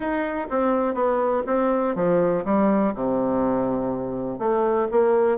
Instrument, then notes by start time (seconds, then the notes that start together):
bassoon
0.00 D#4
0.50 C4
0.94 B3
1.46 C4
1.95 F3
2.45 G3
2.94 C3
4.38 A3
4.91 A#3